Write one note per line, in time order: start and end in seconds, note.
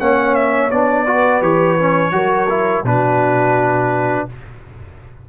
0.00 0.72 A#3
0.00 0.71 C#4
0.00 1.05 C#5
0.00 0.35 F#5
0.35 0.71 E5
0.71 1.42 B3
0.71 1.07 D4
0.71 1.42 D5
1.05 1.43 F#4
1.05 2.12 B4
1.42 2.13 E3
1.42 1.78 G4
1.42 2.85 C#5
1.79 2.12 C#4
2.12 2.84 F#3
2.12 2.48 F#4
2.12 2.85 A#4
2.50 2.85 E4
2.84 4.27 B2
2.84 4.29 D4
2.84 4.28 F#4
2.84 4.29 B4